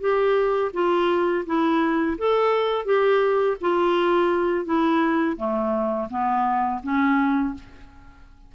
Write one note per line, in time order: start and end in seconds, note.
0.00 0.71 G4
0.73 1.44 F4
1.46 2.17 E4
2.18 2.85 A4
2.85 3.56 G4
3.61 4.65 F4
4.65 5.36 E4
5.37 6.08 A3
6.10 6.81 B3
6.83 7.54 C#4